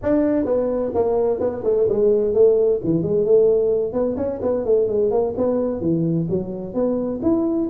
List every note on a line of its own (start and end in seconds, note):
0.02 0.45 D4
0.45 0.91 B3
0.94 1.40 A#3
1.40 1.63 B3
1.64 1.87 A3
1.88 2.34 G#3
2.34 2.80 A3
2.84 3.02 E3
3.02 3.25 G#3
3.25 3.93 A3
3.93 4.16 B3
4.16 4.40 C#4
4.41 4.65 B3
4.65 4.88 A3
4.88 5.10 G#3
5.10 5.34 A#3
5.37 5.80 B3
5.80 6.27 E3
6.29 6.74 F#3
6.74 7.20 B3
7.22 7.68 E4